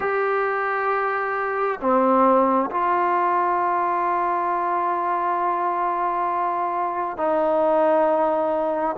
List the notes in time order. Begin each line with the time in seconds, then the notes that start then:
0.00 G4
1.80 C4
2.71 F4
7.16 D#4